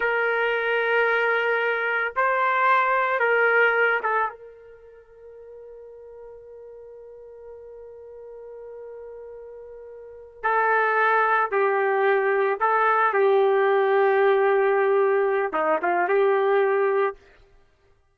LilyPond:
\new Staff \with { instrumentName = "trumpet" } { \time 4/4 \tempo 4 = 112 ais'1 | c''2 ais'4. a'8 | ais'1~ | ais'1~ |
ais'2.~ ais'8 a'8~ | a'4. g'2 a'8~ | a'8 g'2.~ g'8~ | g'4 dis'8 f'8 g'2 | }